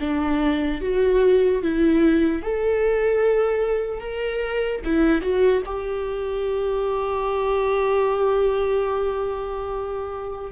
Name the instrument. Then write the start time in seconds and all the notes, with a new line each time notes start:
viola
0.00 D4
0.81 F#4
1.62 E4
2.42 A4
4.00 A#4
4.84 E4
5.21 F#4
5.65 G4